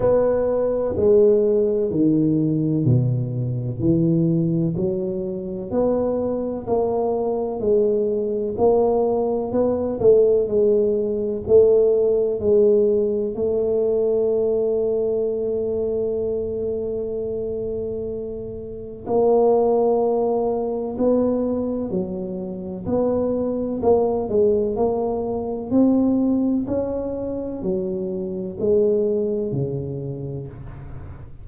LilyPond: \new Staff \with { instrumentName = "tuba" } { \time 4/4 \tempo 4 = 63 b4 gis4 dis4 b,4 | e4 fis4 b4 ais4 | gis4 ais4 b8 a8 gis4 | a4 gis4 a2~ |
a1 | ais2 b4 fis4 | b4 ais8 gis8 ais4 c'4 | cis'4 fis4 gis4 cis4 | }